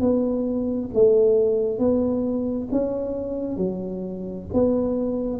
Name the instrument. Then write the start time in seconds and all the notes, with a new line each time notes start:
tuba
0.00 B3
0.94 A3
1.79 B3
2.72 C#4
3.57 F#3
4.53 B3